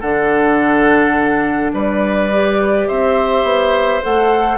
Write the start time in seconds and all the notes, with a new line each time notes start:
0.00 D3 D4 A4 F#5
1.73 G3 B4 D5
2.31 G4
2.87 C4 C5 E5
3.43 B3
4.02 A3 A4 F#5